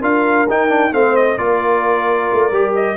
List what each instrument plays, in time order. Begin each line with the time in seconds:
0.00 tuba D4, trombone F4, horn A#4, trumpet F5
0.48 tuba D#4, trombone D#4, trumpet G5
0.68 trombone D4
0.92 tuba A3, trombone C4, horn C5, trumpet F5
1.16 trumpet D#5
1.37 tuba A#3, trombone F4, horn A#4, trumpet D5
2.33 tuba A3
2.51 tuba G3, trombone G4
2.75 trumpet D#5